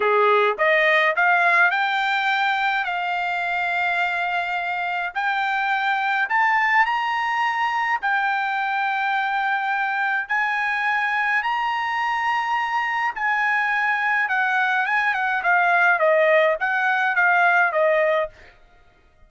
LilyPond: \new Staff \with { instrumentName = "trumpet" } { \time 4/4 \tempo 4 = 105 gis'4 dis''4 f''4 g''4~ | g''4 f''2.~ | f''4 g''2 a''4 | ais''2 g''2~ |
g''2 gis''2 | ais''2. gis''4~ | gis''4 fis''4 gis''8 fis''8 f''4 | dis''4 fis''4 f''4 dis''4 | }